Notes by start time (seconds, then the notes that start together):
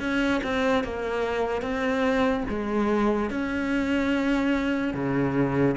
0.00 C#4
0.43 C4
0.84 A#3
1.62 C4
2.49 G#3
3.30 C#4
4.94 C#3